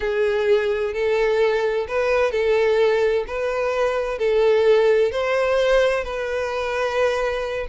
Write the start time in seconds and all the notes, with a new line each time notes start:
0.00 G#4
0.93 A4
1.87 B4
2.31 A4
3.27 B4
4.18 A4
5.11 C5
6.03 B4